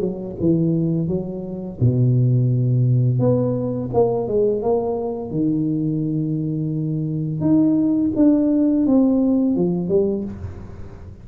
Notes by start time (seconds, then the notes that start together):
0.00 F#3
0.39 E3
1.07 F#3
1.80 B2
3.19 B3
3.93 A#3
4.27 G#3
4.62 A#3
5.30 D#3
7.40 D#4
8.15 D4
8.86 C4
9.55 F3
9.88 G3